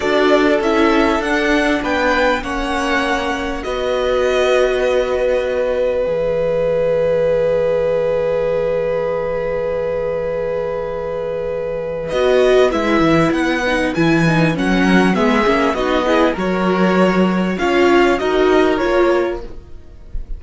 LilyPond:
<<
  \new Staff \with { instrumentName = "violin" } { \time 4/4 \tempo 4 = 99 d''4 e''4 fis''4 g''4 | fis''2 dis''2~ | dis''2 e''2~ | e''1~ |
e''1 | dis''4 e''4 fis''4 gis''4 | fis''4 e''4 dis''4 cis''4~ | cis''4 f''4 dis''4 cis''4 | }
  \new Staff \with { instrumentName = "violin" } { \time 4/4 a'2. b'4 | cis''2 b'2~ | b'1~ | b'1~ |
b'1~ | b'1~ | b'8 ais'8 gis'4 fis'8 gis'8 ais'4~ | ais'4 cis''4 ais'2 | }
  \new Staff \with { instrumentName = "viola" } { \time 4/4 fis'4 e'4 d'2 | cis'2 fis'2~ | fis'2 gis'2~ | gis'1~ |
gis'1 | fis'4 e'4. dis'8 e'8 dis'8 | cis'4 b8 cis'8 dis'8 e'8 fis'4~ | fis'4 f'4 fis'4 f'4 | }
  \new Staff \with { instrumentName = "cello" } { \time 4/4 d'4 cis'4 d'4 b4 | ais2 b2~ | b2 e2~ | e1~ |
e1 | b4 gis8 e8 b4 e4 | fis4 gis8 ais8 b4 fis4~ | fis4 cis'4 dis'4 ais4 | }
>>